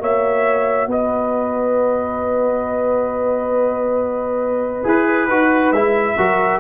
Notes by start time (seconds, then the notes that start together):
0.00 A#3 F#4 C#5 E5
0.87 B3 B4 D#5
4.84 E4 G#4 B4
5.29 D#4 F#4
5.72 G#3 E4 E5
6.18 F#3 F#4 A#4